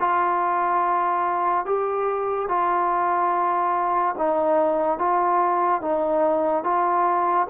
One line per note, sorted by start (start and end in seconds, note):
0.00 1.66 F4
1.66 2.49 G4
2.49 4.16 F4
4.18 4.99 D#4
4.99 5.82 F4
5.82 6.64 D#4
6.64 7.48 F4